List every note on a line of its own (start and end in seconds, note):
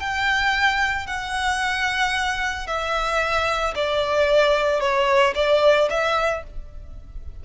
0.00 1.07 G5
1.07 2.67 F#5
2.67 3.75 E5
3.75 4.81 D5
4.81 5.34 C#5
5.35 5.89 D5
5.90 6.44 E5